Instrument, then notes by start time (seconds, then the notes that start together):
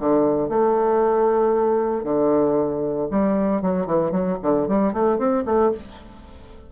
bassoon
0.00 D3
0.50 A3
2.04 D3
3.11 G3
3.62 F#3
3.86 E3
4.12 F#3
4.42 D3
4.68 G3
4.93 A3
5.18 C4
5.45 A3